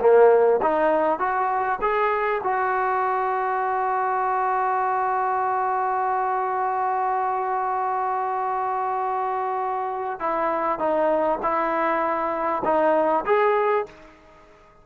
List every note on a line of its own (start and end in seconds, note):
0.00 0.60 A#3
0.62 1.19 D#4
1.19 1.79 F#4
1.81 2.41 G#4
2.43 10.20 F#4
10.20 10.79 E4
10.79 11.39 D#4
11.43 12.63 E4
12.64 13.24 D#4
13.26 13.86 G#4